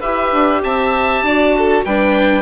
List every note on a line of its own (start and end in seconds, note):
0.00 0.32 E4
0.00 1.25 G4
0.00 0.61 B4
0.00 0.62 E5
0.32 0.62 D4
0.63 1.22 C4
0.63 1.25 E5
0.63 1.85 A5
1.22 1.84 D4
1.22 1.86 F#4
1.22 1.56 D5
1.58 1.85 A4
1.85 2.42 G3
1.85 2.42 D4
1.85 2.42 B4
1.85 2.42 G5